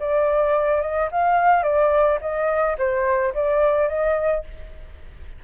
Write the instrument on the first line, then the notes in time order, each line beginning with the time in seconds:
flute
0.00 D5
0.82 D#5
1.12 F5
1.63 D5
2.21 D#5
2.79 C5
3.35 D5
3.89 D#5